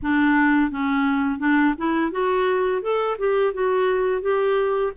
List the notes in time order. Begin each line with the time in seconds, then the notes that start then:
0.02 D4
0.70 C#4
1.39 D4
1.77 E4
2.11 F#4
2.81 A4
3.18 G4
3.53 F#4
4.21 G4